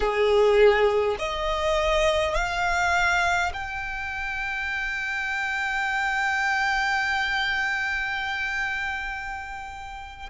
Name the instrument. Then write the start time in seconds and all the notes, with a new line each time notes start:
violin
0.00 G#4
1.18 D#5
2.34 F5
3.53 G5